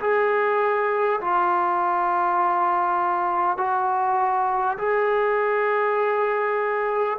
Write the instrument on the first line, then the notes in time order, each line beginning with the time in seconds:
trombone
0.00 G#4
1.21 F4
3.57 F#4
4.78 G#4